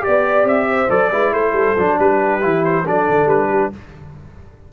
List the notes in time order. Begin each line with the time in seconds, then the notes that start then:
0.00 G4 D5
0.07 B3
0.44 C4 E5
0.70 C5
0.89 F#3 A4 D5
1.11 G#3 E4 B4
1.32 A3 A4 C5
1.52 G3
1.77 F#3 D4
1.98 G3 G4 B4
2.40 E3 E4
2.64 C5
2.85 F#3 D4 A4 D5
3.09 D3
3.26 G3 B4
3.49 G4